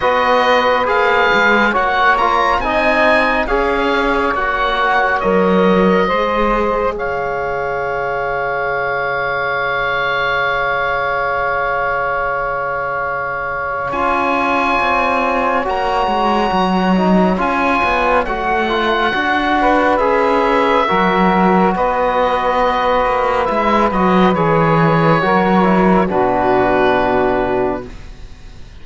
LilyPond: <<
  \new Staff \with { instrumentName = "oboe" } { \time 4/4 \tempo 4 = 69 dis''4 f''4 fis''8 ais''8 gis''4 | f''4 fis''4 dis''2 | f''1~ | f''1 |
gis''2 ais''2 | gis''4 fis''2 e''4~ | e''4 dis''2 e''8 dis''8 | cis''2 b'2 | }
  \new Staff \with { instrumentName = "saxophone" } { \time 4/4 b'2 cis''4 dis''4 | cis''2. c''4 | cis''1~ | cis''1~ |
cis''1~ | cis''2~ cis''8 b'4. | ais'4 b'2.~ | b'4 ais'4 fis'2 | }
  \new Staff \with { instrumentName = "trombone" } { \time 4/4 fis'4 gis'4 fis'8 f'8 dis'4 | gis'4 fis'4 ais'4 gis'4~ | gis'1~ | gis'1 |
f'2 fis'4. dis'8 | f'4 fis'8 f'8 fis'4 gis'4 | fis'2. e'8 fis'8 | gis'4 fis'8 e'8 d'2 | }
  \new Staff \with { instrumentName = "cello" } { \time 4/4 b4 ais8 gis8 ais4 c'4 | cis'4 ais4 fis4 gis4 | cis1~ | cis1 |
cis'4 c'4 ais8 gis8 fis4 | cis'8 b8 a4 d'4 cis'4 | fis4 b4. ais8 gis8 fis8 | e4 fis4 b,2 | }
>>